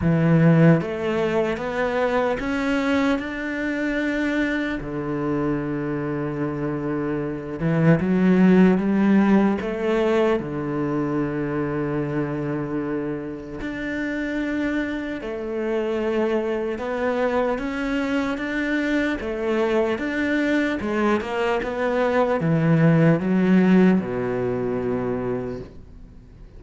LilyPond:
\new Staff \with { instrumentName = "cello" } { \time 4/4 \tempo 4 = 75 e4 a4 b4 cis'4 | d'2 d2~ | d4. e8 fis4 g4 | a4 d2.~ |
d4 d'2 a4~ | a4 b4 cis'4 d'4 | a4 d'4 gis8 ais8 b4 | e4 fis4 b,2 | }